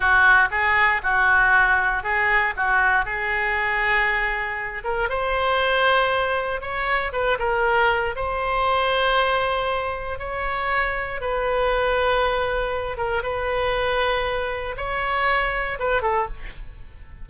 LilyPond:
\new Staff \with { instrumentName = "oboe" } { \time 4/4 \tempo 4 = 118 fis'4 gis'4 fis'2 | gis'4 fis'4 gis'2~ | gis'4. ais'8 c''2~ | c''4 cis''4 b'8 ais'4. |
c''1 | cis''2 b'2~ | b'4. ais'8 b'2~ | b'4 cis''2 b'8 a'8 | }